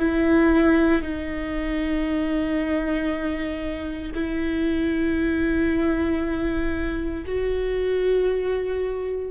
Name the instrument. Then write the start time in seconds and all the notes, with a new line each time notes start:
viola
0.00 E4
1.03 D#4
4.15 E4
7.26 F#4